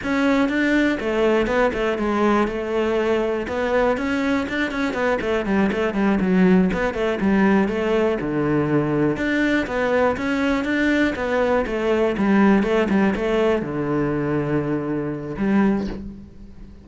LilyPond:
\new Staff \with { instrumentName = "cello" } { \time 4/4 \tempo 4 = 121 cis'4 d'4 a4 b8 a8 | gis4 a2 b4 | cis'4 d'8 cis'8 b8 a8 g8 a8 | g8 fis4 b8 a8 g4 a8~ |
a8 d2 d'4 b8~ | b8 cis'4 d'4 b4 a8~ | a8 g4 a8 g8 a4 d8~ | d2. g4 | }